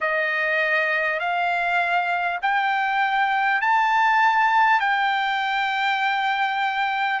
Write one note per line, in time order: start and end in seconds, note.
0.00 1.19 D#5
1.19 2.39 F5
2.42 3.61 G5
3.61 4.80 A5
4.80 7.20 G5